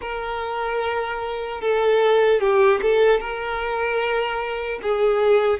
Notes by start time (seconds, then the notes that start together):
0.01 A#4
1.61 A4
2.40 G4
2.81 A4
3.20 A#4
4.82 G#4